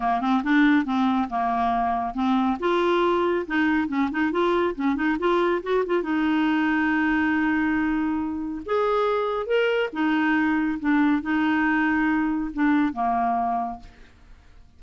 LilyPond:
\new Staff \with { instrumentName = "clarinet" } { \time 4/4 \tempo 4 = 139 ais8 c'8 d'4 c'4 ais4~ | ais4 c'4 f'2 | dis'4 cis'8 dis'8 f'4 cis'8 dis'8 | f'4 fis'8 f'8 dis'2~ |
dis'1 | gis'2 ais'4 dis'4~ | dis'4 d'4 dis'2~ | dis'4 d'4 ais2 | }